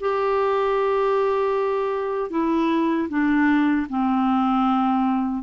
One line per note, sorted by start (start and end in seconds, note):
0.00 2.30 G4
2.30 3.08 E4
3.09 3.87 D4
3.89 5.43 C4